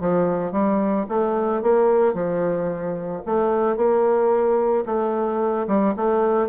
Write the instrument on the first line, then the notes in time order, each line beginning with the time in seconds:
bassoon
0.00 F3
0.52 G3
1.08 A3
1.62 A#3
2.14 F3
3.26 A3
3.76 A#3
4.86 A3
5.67 G3
5.96 A3